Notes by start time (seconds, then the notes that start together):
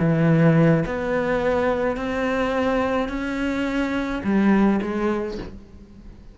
0.00 E3
0.86 B3
1.97 C4
3.09 C#4
4.24 G3
4.82 G#3